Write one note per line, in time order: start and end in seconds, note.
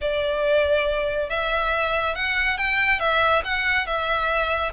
0.01 1.29 D5
1.29 2.15 E5
2.15 2.57 F#5
2.57 2.99 G5
2.99 3.42 E5
3.44 3.86 F#5
3.86 4.72 E5